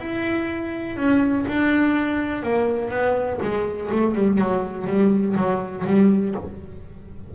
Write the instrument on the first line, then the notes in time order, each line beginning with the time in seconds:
double bass
0.00 E4
0.97 C#4
1.48 D4
2.43 A#3
2.91 B3
3.42 G#3
3.92 A3
4.15 G3
4.39 F#3
4.87 G3
5.37 F#3
5.86 G3